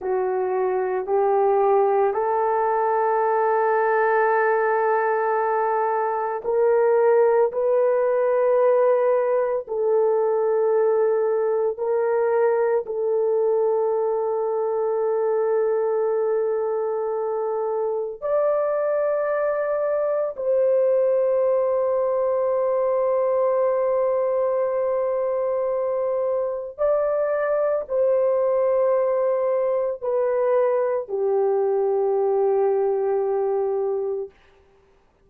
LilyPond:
\new Staff \with { instrumentName = "horn" } { \time 4/4 \tempo 4 = 56 fis'4 g'4 a'2~ | a'2 ais'4 b'4~ | b'4 a'2 ais'4 | a'1~ |
a'4 d''2 c''4~ | c''1~ | c''4 d''4 c''2 | b'4 g'2. | }